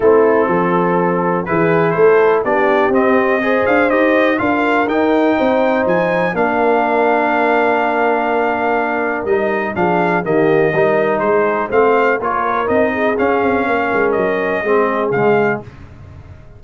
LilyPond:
<<
  \new Staff \with { instrumentName = "trumpet" } { \time 4/4 \tempo 4 = 123 a'2. b'4 | c''4 d''4 dis''4. f''8 | dis''4 f''4 g''2 | gis''4 f''2.~ |
f''2. dis''4 | f''4 dis''2 c''4 | f''4 cis''4 dis''4 f''4~ | f''4 dis''2 f''4 | }
  \new Staff \with { instrumentName = "horn" } { \time 4/4 e'4 a'2 gis'4 | a'4 g'2 c''4~ | c''4 ais'2 c''4~ | c''4 ais'2.~ |
ais'1 | gis'4 g'4 ais'4 gis'4 | c''4 ais'4. gis'4. | ais'2 gis'2 | }
  \new Staff \with { instrumentName = "trombone" } { \time 4/4 c'2. e'4~ | e'4 d'4 c'4 gis'4 | g'4 f'4 dis'2~ | dis'4 d'2.~ |
d'2. dis'4 | d'4 ais4 dis'2 | c'4 f'4 dis'4 cis'4~ | cis'2 c'4 gis4 | }
  \new Staff \with { instrumentName = "tuba" } { \time 4/4 a4 f2 e4 | a4 b4 c'4. d'8 | dis'4 d'4 dis'4 c'4 | f4 ais2.~ |
ais2. g4 | f4 dis4 g4 gis4 | a4 ais4 c'4 cis'8 c'8 | ais8 gis8 fis4 gis4 cis4 | }
>>